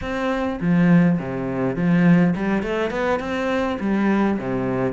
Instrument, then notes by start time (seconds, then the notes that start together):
cello
0.01 C4
0.60 F3
1.19 C3
1.76 F3
2.35 G3
2.62 A3
2.90 B3
3.19 C4
3.80 G3
4.38 C3